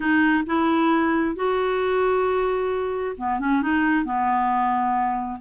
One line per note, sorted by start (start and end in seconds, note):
0.00 0.43 D#4
0.46 1.35 E4
1.35 3.16 F#4
3.17 3.39 B3
3.39 3.62 C#4
3.62 4.04 D#4
4.04 5.40 B3